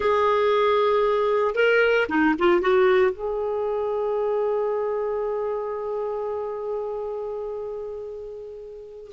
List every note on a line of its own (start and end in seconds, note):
0.00 1.54 G#4
1.54 2.07 A#4
2.08 2.34 D#4
2.39 2.61 F4
2.61 3.11 F#4
3.11 9.11 G#4